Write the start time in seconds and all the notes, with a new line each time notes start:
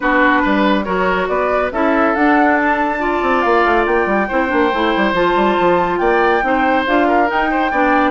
0.00 B3 D4 F#4 B4
0.42 G3 B4
0.83 F#3 F#4 A#4 C#5
1.27 B3 B4 D5
1.71 C#4 E4 A4 E5
2.15 D4 F#5
2.57 A5
2.98 F4 D5
3.22 C4
3.41 A#3 F5
3.65 A3
3.86 A#3 G5
4.05 G3
4.28 C4 E4 C5
4.48 A#3 D4
4.73 A3 E4
4.96 G3
5.12 F3 F4 A5
5.35 G3
5.59 F3
5.98 A#3 D5 G5
6.42 C4 D#4 C5
6.87 D4 F4 F5
7.07 A#4
7.26 D#4 G5
7.50 C5
7.71 B3 D4 D5